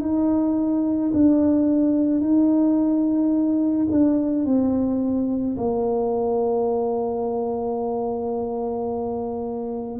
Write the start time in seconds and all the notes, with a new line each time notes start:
0.00 D#4
1.13 D4
2.20 D#4
3.91 D4
4.45 C4
5.57 A#3